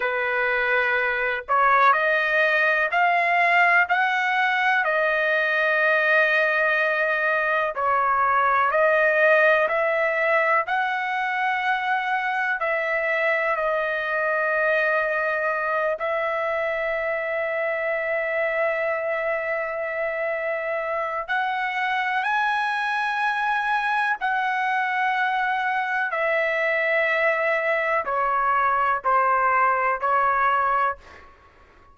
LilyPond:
\new Staff \with { instrumentName = "trumpet" } { \time 4/4 \tempo 4 = 62 b'4. cis''8 dis''4 f''4 | fis''4 dis''2. | cis''4 dis''4 e''4 fis''4~ | fis''4 e''4 dis''2~ |
dis''8 e''2.~ e''8~ | e''2 fis''4 gis''4~ | gis''4 fis''2 e''4~ | e''4 cis''4 c''4 cis''4 | }